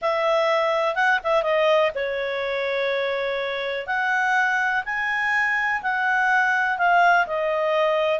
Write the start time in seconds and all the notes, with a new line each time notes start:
0.01 E5
0.95 F#5
1.23 E5
1.43 D#5
1.94 C#5
3.86 F#5
4.85 G#5
5.82 F#5
6.78 F5
7.26 D#5